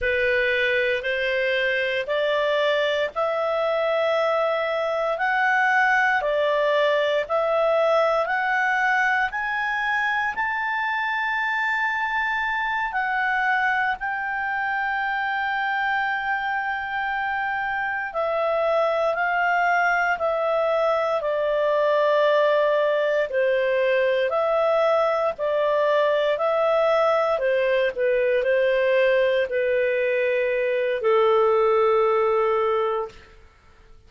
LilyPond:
\new Staff \with { instrumentName = "clarinet" } { \time 4/4 \tempo 4 = 58 b'4 c''4 d''4 e''4~ | e''4 fis''4 d''4 e''4 | fis''4 gis''4 a''2~ | a''8 fis''4 g''2~ g''8~ |
g''4. e''4 f''4 e''8~ | e''8 d''2 c''4 e''8~ | e''8 d''4 e''4 c''8 b'8 c''8~ | c''8 b'4. a'2 | }